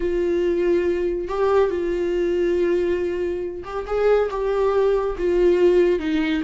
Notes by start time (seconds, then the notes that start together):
0.00 F4
1.28 G4
1.70 F4
3.64 G4
3.86 G#4
4.30 G4
5.18 F4
5.99 D#4